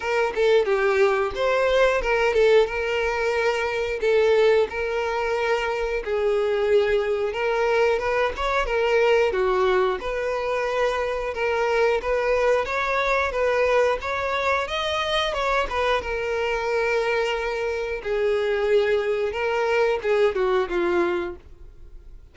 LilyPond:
\new Staff \with { instrumentName = "violin" } { \time 4/4 \tempo 4 = 90 ais'8 a'8 g'4 c''4 ais'8 a'8 | ais'2 a'4 ais'4~ | ais'4 gis'2 ais'4 | b'8 cis''8 ais'4 fis'4 b'4~ |
b'4 ais'4 b'4 cis''4 | b'4 cis''4 dis''4 cis''8 b'8 | ais'2. gis'4~ | gis'4 ais'4 gis'8 fis'8 f'4 | }